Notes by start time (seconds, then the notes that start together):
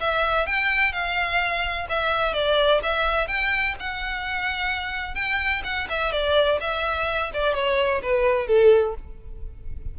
0.00 E5
0.46 G5
0.93 F5
1.89 E5
2.34 D5
2.83 E5
3.28 G5
3.80 F#5
5.15 G5
5.64 F#5
5.89 E5
6.12 D5
6.61 E5
7.34 D5
7.54 C#5
8.03 B4
8.48 A4